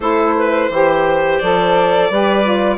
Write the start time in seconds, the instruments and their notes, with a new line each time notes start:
0.00 bassoon A3, saxophone E4, clarinet A4, violin C5
0.36 clarinet B4
0.69 bassoon E3, saxophone G4, clarinet C5
1.39 bassoon F3, saxophone A4, violin D5
2.10 bassoon G3, saxophone G4, clarinet B4
2.43 saxophone F4